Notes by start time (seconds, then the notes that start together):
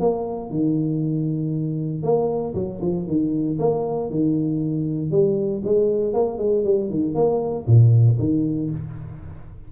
0.00 A#3
0.50 D#3
2.03 A#3
2.55 F#3
2.82 F3
3.07 D#3
3.59 A#3
4.10 D#3
5.11 G3
5.64 G#3
6.14 A#3
6.38 G#3
6.65 G3
6.90 D#3
7.15 A#3
7.67 A#2
8.19 D#3